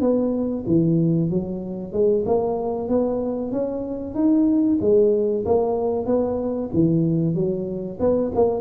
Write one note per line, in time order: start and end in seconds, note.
0.00 0.64 B3
0.66 1.30 E3
1.30 1.92 F#3
1.92 2.24 G#3
2.25 2.88 A#3
2.88 3.51 B3
3.51 4.14 C#4
4.14 4.78 D#4
4.80 5.44 G#3
5.45 6.06 A#3
6.06 6.69 B3
6.73 7.34 E3
7.34 7.98 F#3
7.99 8.31 B3
8.35 8.60 A#3